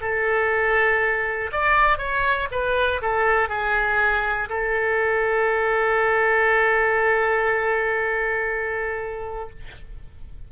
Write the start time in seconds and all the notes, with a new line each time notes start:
0.00 A4
1.52 D5
1.98 C#5
2.51 B4
3.01 A4
3.49 G#4
4.49 A4